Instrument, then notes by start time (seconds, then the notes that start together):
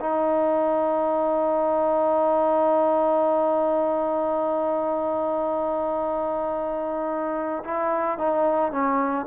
trombone
0.00 D#4
7.64 E4
8.18 D#4
8.71 C#4